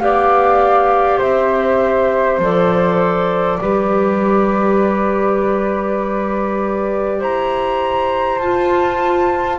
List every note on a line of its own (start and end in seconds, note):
0.00 1.21 B3
0.00 2.41 G4
0.00 1.19 D5
0.00 1.20 F5
1.19 2.39 C4
1.19 3.58 C5
1.19 2.40 E5
2.39 3.59 F3
2.39 3.60 A4
2.39 7.23 D5
3.60 7.21 G3
3.60 8.40 G4
3.60 7.19 B4
7.19 8.40 E4
7.19 9.59 C5
7.19 8.39 A#5
8.39 9.59 F4
8.39 9.59 A5